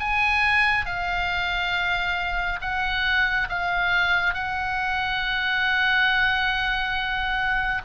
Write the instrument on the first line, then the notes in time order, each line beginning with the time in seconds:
oboe
0.00 G#5
0.86 F5
2.62 F#5
3.49 F5
4.34 F#5